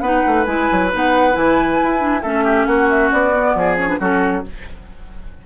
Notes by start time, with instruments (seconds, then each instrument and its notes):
0.00 bassoon B3, clarinet D#4, oboe B4, flute F#5
0.26 bassoon A3
0.45 bassoon G#3, clarinet E4, flute G#5
0.71 bassoon F#3
0.91 bassoon B3, clarinet D#4, flute F#5
1.32 bassoon E3, clarinet E4, flute G#5
1.82 bassoon E4
1.98 clarinet D4
2.22 bassoon A3, clarinet C#4, oboe A4, flute E5
2.44 oboe G4
2.66 bassoon A#3, oboe F#4, flute F#5
2.89 flute E5
3.11 bassoon B3, flute D5
3.33 clarinet B3
3.55 bassoon F3, oboe G#4
3.77 clarinet C#4, flute C#5
3.87 clarinet D4, flute B4
3.99 bassoon F#3, clarinet C#4, oboe F#4, flute A4